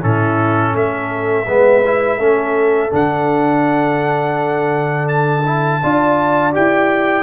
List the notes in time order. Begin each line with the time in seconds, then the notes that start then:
0.00 A2 C#4 E4 A4
0.74 A3 A4 E5
1.46 G#3 B3 B4
1.85 E4
2.18 A3 C#4 A4
2.90 D3 D4 F#5
5.08 A5
5.45 E4
5.82 D4 F4 D5
6.52 E4 G4 G5